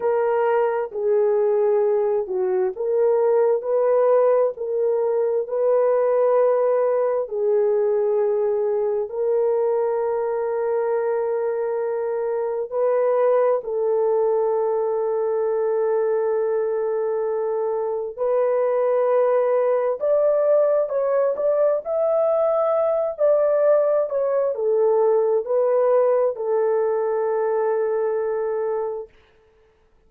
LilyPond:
\new Staff \with { instrumentName = "horn" } { \time 4/4 \tempo 4 = 66 ais'4 gis'4. fis'8 ais'4 | b'4 ais'4 b'2 | gis'2 ais'2~ | ais'2 b'4 a'4~ |
a'1 | b'2 d''4 cis''8 d''8 | e''4. d''4 cis''8 a'4 | b'4 a'2. | }